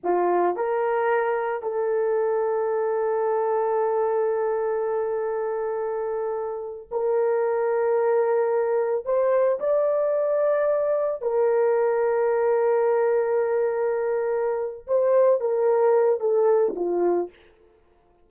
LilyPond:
\new Staff \with { instrumentName = "horn" } { \time 4/4 \tempo 4 = 111 f'4 ais'2 a'4~ | a'1~ | a'1~ | a'8. ais'2.~ ais'16~ |
ais'8. c''4 d''2~ d''16~ | d''8. ais'2.~ ais'16~ | ais'2.~ ais'8 c''8~ | c''8 ais'4. a'4 f'4 | }